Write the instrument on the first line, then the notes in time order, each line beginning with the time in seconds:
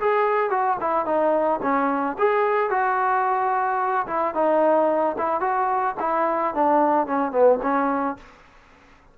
trombone
0.00 G#4
0.50 F#4
0.80 E4
1.05 D#4
1.62 C#4
2.18 G#4
2.70 F#4
4.07 E4
4.34 D#4
5.18 E4
5.40 F#4
6.00 E4
6.54 D4
7.06 C#4
7.32 B3
7.62 C#4